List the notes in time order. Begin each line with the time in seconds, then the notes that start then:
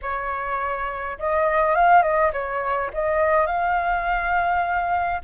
0.02 C#5
1.18 D#5
1.75 F5
2.02 D#5
2.32 C#5
2.93 D#5
3.46 F5